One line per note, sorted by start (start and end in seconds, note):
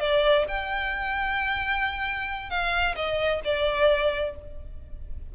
0.00 0.45 D5
0.48 2.50 G5
2.50 2.95 F5
2.96 3.41 D#5
3.44 4.35 D5